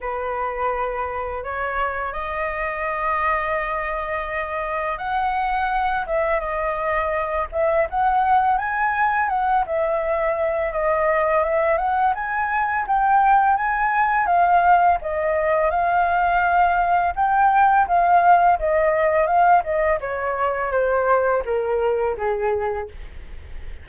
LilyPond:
\new Staff \with { instrumentName = "flute" } { \time 4/4 \tempo 4 = 84 b'2 cis''4 dis''4~ | dis''2. fis''4~ | fis''8 e''8 dis''4. e''8 fis''4 | gis''4 fis''8 e''4. dis''4 |
e''8 fis''8 gis''4 g''4 gis''4 | f''4 dis''4 f''2 | g''4 f''4 dis''4 f''8 dis''8 | cis''4 c''4 ais'4 gis'4 | }